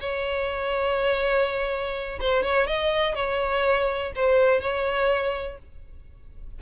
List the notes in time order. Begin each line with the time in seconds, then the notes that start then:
0.00 C#5
2.20 C5
2.43 C#5
2.67 D#5
3.15 C#5
4.16 C5
4.61 C#5